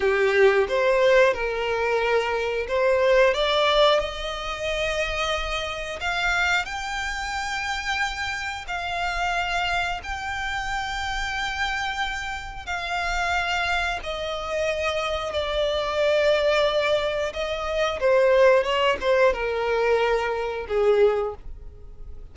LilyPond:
\new Staff \with { instrumentName = "violin" } { \time 4/4 \tempo 4 = 90 g'4 c''4 ais'2 | c''4 d''4 dis''2~ | dis''4 f''4 g''2~ | g''4 f''2 g''4~ |
g''2. f''4~ | f''4 dis''2 d''4~ | d''2 dis''4 c''4 | cis''8 c''8 ais'2 gis'4 | }